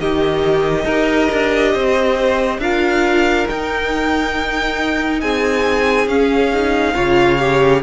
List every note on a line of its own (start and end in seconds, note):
0.00 0.85 D#3
0.00 0.88 D#4
0.00 0.85 G4
0.00 2.60 D#5
0.85 1.29 D#4
0.85 2.62 G4
0.85 1.72 A#4
1.32 1.75 D4
1.74 2.59 C4
1.74 2.61 C5
2.59 3.46 D4
2.59 3.48 F4
2.59 5.22 A#4
2.59 3.47 F5
3.48 6.09 D#4
3.48 5.23 D#4
3.48 5.21 G5
5.21 6.07 C4
5.21 6.95 G#4
5.21 6.08 G#5
6.07 6.94 C#4
6.07 6.52 C#4
6.07 7.82 F5
6.54 6.95 D#4
6.95 7.83 C#3
6.95 7.39 F4
6.95 7.82 C#5
7.39 7.83 G4